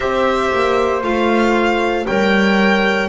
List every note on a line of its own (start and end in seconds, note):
0.00 0.52 C4
0.00 1.02 G4
0.00 2.06 C5
0.00 1.02 E5
0.53 1.02 A#3
1.02 2.06 A3
1.02 2.05 F4
1.02 2.06 F5
2.06 3.08 G3
2.06 3.08 A#4
2.06 3.08 C#5
2.06 3.08 G5